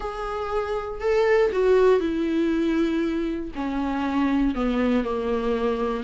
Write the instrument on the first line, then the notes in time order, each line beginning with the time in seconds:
viola
0.00 G#4
1.00 A4
1.52 F#4
2.00 E4
3.55 C#4
4.54 B3
5.04 A#3